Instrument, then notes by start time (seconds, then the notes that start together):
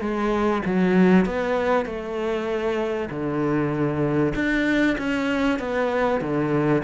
cello
0.00 G#3
0.66 F#3
1.25 B3
1.85 A3
3.10 D3
4.35 D4
4.98 C#4
5.59 B3
6.21 D3